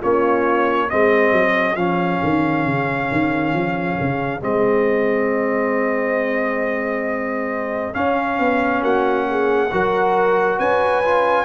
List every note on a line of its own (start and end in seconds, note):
0.00 0.92 A#3
0.00 0.90 C#4
0.00 0.88 F4
0.00 0.90 C#5
0.88 1.32 G#3
0.88 1.77 C4
0.88 8.82 G#4
0.88 1.76 D#5
1.32 1.76 F#3
1.76 2.21 F3
1.76 4.41 C#4
1.76 4.41 F5
2.24 2.67 D#3
2.67 3.11 C#3
3.12 3.54 D#3
3.54 3.98 F3
4.01 4.42 C#3
4.41 7.95 G#3
4.41 7.94 C4
4.41 7.95 D#5
7.94 9.70 C#4
7.94 8.39 C#4
7.94 8.83 F5
8.39 8.83 B3
8.83 9.71 A#3
8.83 9.27 F#4
8.83 10.60 F#5
9.30 9.72 G#4
9.72 10.60 F#3
9.72 11.04 F#4
9.72 10.59 A#4
10.59 11.46 C#4
10.59 11.46 B4
10.59 11.46 G#5
11.05 11.46 F4